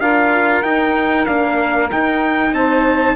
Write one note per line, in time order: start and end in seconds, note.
0.00 0.63 D4
0.00 0.64 F4
0.00 2.54 A#4
0.00 0.63 F5
0.63 1.26 D#4
0.63 1.27 D#4
0.63 1.26 G5
1.26 1.92 A#3
1.26 1.89 D4
1.26 1.89 F5
1.92 2.53 D#4
1.92 3.16 D#4
1.92 2.54 G5
2.53 3.16 C4
2.53 3.16 C5
2.53 3.16 A5